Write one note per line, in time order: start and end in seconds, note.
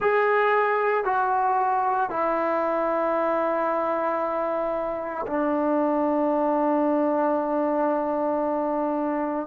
0.00 1.04 G#4
1.04 2.10 F#4
2.10 5.25 E4
5.27 9.46 D4